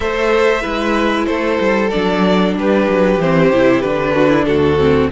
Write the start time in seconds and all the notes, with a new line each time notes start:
0.00 A3 A4 C5 E5
0.61 G#3 E4 B4
1.26 A3 A4 C5
1.60 G3
1.90 F#3 D4 D5
2.56 G3 G4 B4
2.89 F#3
3.18 E3 C4 C5
3.50 C3 E4
3.81 D3 D4 B4
4.14 F#4
4.29 E4
4.45 D2 F#4 A4
4.78 C4